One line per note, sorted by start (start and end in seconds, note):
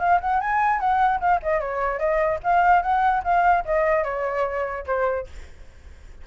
0.00 0.20 F5
0.21 0.41 F#5
0.41 0.80 G#5
0.80 1.20 F#5
1.20 1.41 F5
1.43 1.61 D#5
1.61 1.99 C#5
1.99 2.40 D#5
2.44 2.83 F5
2.83 3.23 F#5
3.24 3.65 F5
3.66 4.04 D#5
4.04 4.85 C#5
4.87 5.27 C5